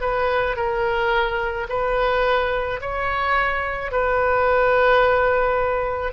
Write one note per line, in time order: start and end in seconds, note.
0.00 0.56 B4
0.56 1.67 A#4
1.69 2.80 B4
2.80 3.91 C#5
3.91 6.13 B4